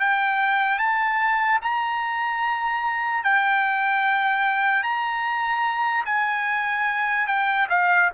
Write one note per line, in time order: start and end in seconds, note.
0.00 0.79 G5
0.79 1.60 A5
1.62 3.24 A#5
3.24 4.83 G5
4.83 6.05 A#5
6.06 7.27 G#5
7.27 7.68 G5
7.70 8.10 F5